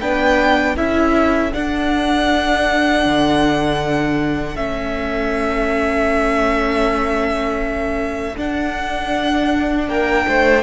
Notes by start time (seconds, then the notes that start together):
0.00 B3 D4 B4 G5
0.75 C#4 E4 A4 E5
1.52 D4 F#5
3.05 D3
4.55 A3 C#4 E5
8.36 D4 F#5
9.87 A#3 A#4 G5
10.28 A3 C5